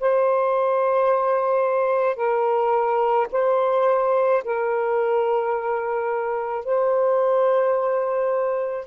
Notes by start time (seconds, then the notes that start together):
0.00 C5
2.17 A#4
3.32 C5
4.44 A#4
6.65 C5